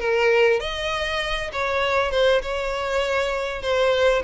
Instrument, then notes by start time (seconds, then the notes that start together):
violin
0.00 A#4
0.60 D#5
1.52 C#5
2.11 C5
2.42 C#5
3.62 C5